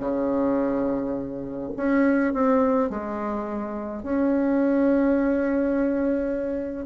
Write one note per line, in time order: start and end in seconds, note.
0.00 1.71 C#3
1.76 2.33 C#4
2.33 2.90 C4
2.90 4.03 G#3
4.03 6.86 C#4